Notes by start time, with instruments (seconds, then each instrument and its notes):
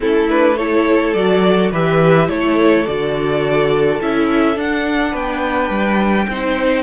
0.00 cello A3, viola C#4, violin E4 A4
0.29 viola D4, violin B4
0.56 viola E4, violin A4 C#5
1.13 cello F#3, viola F#4, violin D5
1.71 cello E3, viola G4, violin B4 E5
2.28 cello A3, viola E4, violin A4 C#5
2.86 cello D3, viola F#4, violin D5
4.01 cello C#4, viola E4, violin E5
4.55 viola D4, cello D4, violin F#5
5.11 cello B3, violin B4 G5
5.69 cello G3
6.28 cello C4, viola D#4, violin C5